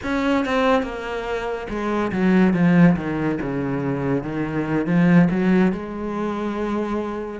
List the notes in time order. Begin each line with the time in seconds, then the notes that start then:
0.03 C#4
0.45 C4
0.82 A#3
1.69 G#3
2.12 F#3
2.53 F3
2.96 D#3
3.41 C#3
4.23 D#3
4.86 F3
5.30 F#3
5.72 G#3